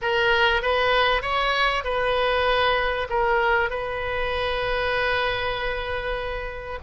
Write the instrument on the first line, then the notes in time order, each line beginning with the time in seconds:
oboe
0.01 A#4
0.62 B4
1.21 C#5
1.84 B4
3.09 A#4
3.70 B4